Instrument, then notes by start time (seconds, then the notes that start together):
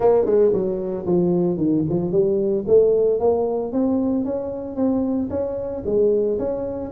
tuba
0.00 A#3
0.25 G#3
0.52 F#3
1.06 F3
1.57 D#3
1.89 F3
2.11 G3
2.67 A3
3.19 A#3
3.72 C4
4.24 C#4
4.76 C4
5.30 C#4
5.85 G#3
6.38 C#4